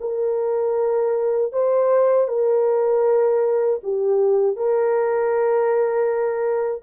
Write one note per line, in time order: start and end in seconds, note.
0.00 1.52 A#4
1.52 2.28 C5
2.28 3.79 A#4
3.83 4.56 G4
4.56 6.82 A#4